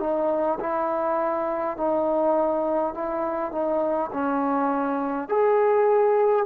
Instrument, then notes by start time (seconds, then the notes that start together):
trombone
0.00 D#4
0.60 E4
1.77 D#4
2.95 E4
3.52 D#4
4.13 C#4
5.29 G#4